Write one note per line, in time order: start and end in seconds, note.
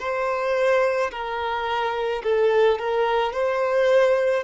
0.00 1.11 C5
1.12 2.23 A#4
2.24 2.79 A4
2.79 3.33 A#4
3.33 4.44 C5